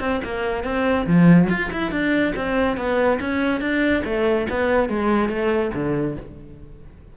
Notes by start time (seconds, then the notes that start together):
0.00 C4
0.25 A#3
0.64 C4
1.07 F3
1.50 F4
1.73 E4
1.91 D4
2.36 C4
2.77 B3
3.20 C#4
3.61 D4
4.05 A3
4.50 B3
4.89 G#3
5.29 A3
5.74 D3